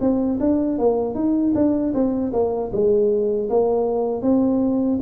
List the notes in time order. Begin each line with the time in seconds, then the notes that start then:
0.00 C4
0.40 D4
0.78 A#3
1.15 D#4
1.55 D4
1.94 C4
2.33 A#3
2.72 G#3
3.49 A#3
4.22 C4